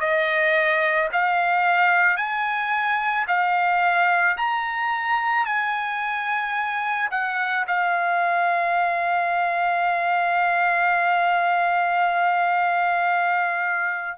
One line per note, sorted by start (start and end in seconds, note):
0.00 1.09 D#5
1.13 2.17 F5
2.17 3.26 G#5
3.28 4.37 F5
4.37 5.46 A#5
5.46 7.10 G#5
7.11 7.66 F#5
7.67 14.18 F5